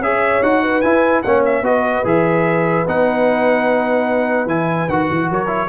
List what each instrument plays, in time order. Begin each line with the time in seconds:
0.00 tuba C#4, trombone G#4, horn C#5, trumpet E5
0.43 tuba D#4, trombone F#4, trumpet F#5
0.63 horn B4
0.82 trombone E4, tuba E4, trumpet G#5
1.23 tuba A#3, trombone C#4, horn C#5, trumpet F#5
1.46 trumpet E5
1.62 tuba B3, trombone F#4, horn B4, trumpet D#5
2.05 tuba E3, trombone G#4, trumpet E5
2.88 tuba B3, trombone D#4, trumpet F#5
4.46 tuba E3, trombone E4, trumpet G#5
4.89 tuba D#3, trombone F#4, trumpet F#5
5.11 tuba E3
5.30 tuba F#3, horn A#4, trumpet C#5
5.47 trombone E4